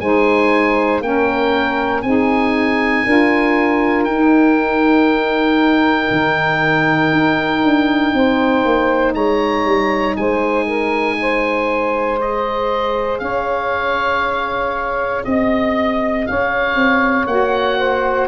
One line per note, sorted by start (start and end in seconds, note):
0.00 1.00 G#3
0.00 1.01 D#4
0.00 1.04 C5
0.00 1.02 G#5
1.00 2.02 A#3
1.00 2.03 C#4
1.00 2.04 A#4
1.00 2.02 G5
2.02 3.05 C4
2.02 3.06 D#4
2.02 3.04 G#4
2.02 4.04 G#5
3.04 4.05 D4
3.04 4.08 F4
3.04 8.12 A#4
4.04 6.08 D#4
4.04 12.21 D#4
4.04 9.13 G5
6.11 7.12 D#3
7.12 7.63 D#4
7.63 8.13 D4
8.13 8.64 C4
8.13 9.14 C5
8.65 9.14 A#3
9.14 9.65 G#3
9.14 10.15 C#5
9.14 10.16 A#5
9.65 10.16 G3
10.16 13.21 G#3
10.16 10.65 C5
10.16 12.20 G#5
10.65 11.15 A#4
11.21 13.22 C5
12.21 17.28 G#4
12.21 13.19 D#5
13.19 15.24 C#4
13.19 15.25 C#5
13.19 15.22 F5
15.24 16.27 C4
15.24 16.26 D#5
15.24 16.29 D#5
16.26 16.74 C#4
16.26 17.78 C#5
16.26 17.26 F5
16.74 17.25 C4
17.26 18.28 A#3
17.26 18.28 F#4
17.26 18.28 F#5
17.78 18.28 C5